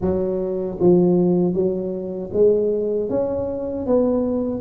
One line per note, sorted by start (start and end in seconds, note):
0.01 0.78 F#3
0.80 1.53 F3
1.53 2.30 F#3
2.32 3.09 G#3
3.09 3.86 C#4
3.86 4.60 B3